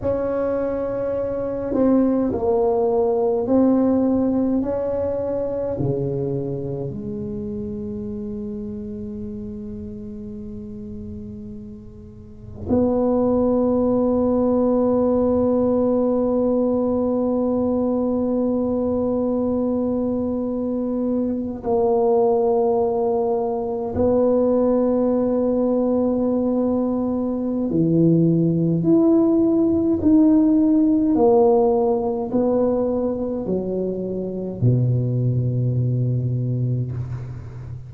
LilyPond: \new Staff \with { instrumentName = "tuba" } { \time 4/4 \tempo 4 = 52 cis'4. c'8 ais4 c'4 | cis'4 cis4 gis2~ | gis2. b4~ | b1~ |
b2~ b8. ais4~ ais16~ | ais8. b2.~ b16 | e4 e'4 dis'4 ais4 | b4 fis4 b,2 | }